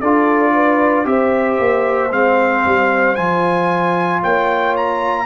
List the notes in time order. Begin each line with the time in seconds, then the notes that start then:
0.00 D4 F4 A4 D5
0.54 B4
1.04 C4 G4 C5 E5
1.59 A#3
2.11 G#3 C4 F5
2.65 G3
3.15 F3 F4 G#5
4.22 A#3 C#5 G5
4.76 A#5